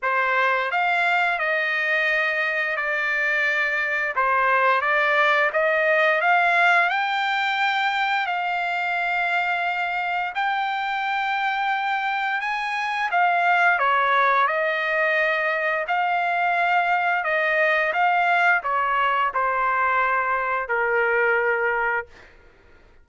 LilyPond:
\new Staff \with { instrumentName = "trumpet" } { \time 4/4 \tempo 4 = 87 c''4 f''4 dis''2 | d''2 c''4 d''4 | dis''4 f''4 g''2 | f''2. g''4~ |
g''2 gis''4 f''4 | cis''4 dis''2 f''4~ | f''4 dis''4 f''4 cis''4 | c''2 ais'2 | }